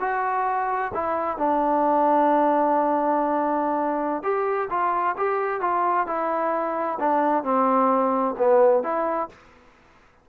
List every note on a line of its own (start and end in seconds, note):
0.00 0.92 F#4
0.94 1.37 E4
1.37 4.23 D4
4.23 4.68 G4
4.70 5.15 F4
5.17 5.61 G4
5.61 6.06 F4
6.07 6.98 E4
6.99 7.43 D4
7.43 8.35 C4
8.38 8.83 B3
8.83 9.29 E4